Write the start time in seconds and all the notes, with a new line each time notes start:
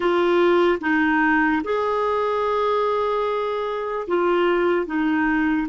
0.00 F4
0.81 D#4
1.64 G#4
4.07 F4
4.86 D#4